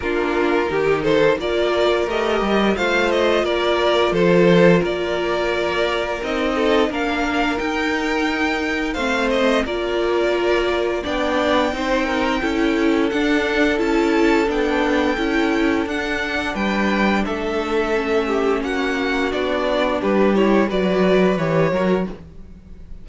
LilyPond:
<<
  \new Staff \with { instrumentName = "violin" } { \time 4/4 \tempo 4 = 87 ais'4. c''8 d''4 dis''4 | f''8 dis''8 d''4 c''4 d''4~ | d''4 dis''4 f''4 g''4~ | g''4 f''8 dis''8 d''2 |
g''2. fis''4 | a''4 g''2 fis''4 | g''4 e''2 fis''4 | d''4 b'8 cis''8 d''4 cis''4 | }
  \new Staff \with { instrumentName = "violin" } { \time 4/4 f'4 g'8 a'8 ais'2 | c''4 ais'4 a'4 ais'4~ | ais'4. a'8 ais'2~ | ais'4 c''4 ais'2 |
d''4 c''8 ais'8 a'2~ | a'1 | b'4 a'4. g'8 fis'4~ | fis'4 g'4 b'4. ais'8 | }
  \new Staff \with { instrumentName = "viola" } { \time 4/4 d'4 dis'4 f'4 g'4 | f'1~ | f'4 dis'4 d'4 dis'4~ | dis'4 c'4 f'2 |
d'4 dis'4 e'4 d'4 | e'4 d'4 e'4 d'4~ | d'2 cis'2 | d'4. e'8 fis'4 g'8 fis'8 | }
  \new Staff \with { instrumentName = "cello" } { \time 4/4 ais4 dis4 ais4 a8 g8 | a4 ais4 f4 ais4~ | ais4 c'4 ais4 dis'4~ | dis'4 a4 ais2 |
b4 c'4 cis'4 d'4 | cis'4 b4 cis'4 d'4 | g4 a2 ais4 | b4 g4 fis4 e8 fis8 | }
>>